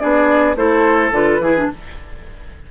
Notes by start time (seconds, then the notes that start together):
0.00 B3 D4 G#4 D5
0.57 A3 E4 A4 C5
1.12 D3 F4 B4
1.40 E3 E4 G#4
1.58 D4